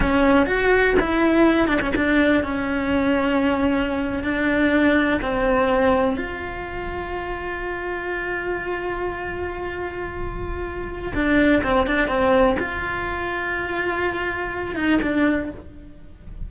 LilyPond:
\new Staff \with { instrumentName = "cello" } { \time 4/4 \tempo 4 = 124 cis'4 fis'4 e'4. d'16 cis'16 | d'4 cis'2.~ | cis'8. d'2 c'4~ c'16~ | c'8. f'2.~ f'16~ |
f'1~ | f'2. d'4 | c'8 d'8 c'4 f'2~ | f'2~ f'8 dis'8 d'4 | }